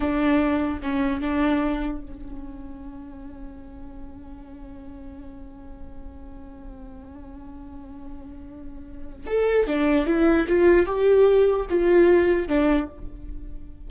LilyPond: \new Staff \with { instrumentName = "viola" } { \time 4/4 \tempo 4 = 149 d'2 cis'4 d'4~ | d'4 cis'2.~ | cis'1~ | cis'1~ |
cis'1~ | cis'2. a'4 | d'4 e'4 f'4 g'4~ | g'4 f'2 d'4 | }